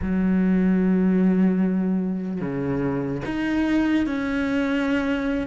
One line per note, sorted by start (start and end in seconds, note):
0.01 2.41 F#3
2.41 3.22 C#3
3.25 4.06 D#4
4.06 5.47 C#4